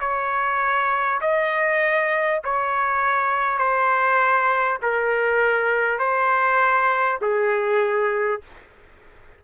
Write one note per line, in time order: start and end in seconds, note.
0.00 1.20 C#5
1.21 2.41 D#5
2.44 3.58 C#5
3.58 4.78 C5
4.82 5.98 A#4
5.98 7.18 C5
7.21 8.41 G#4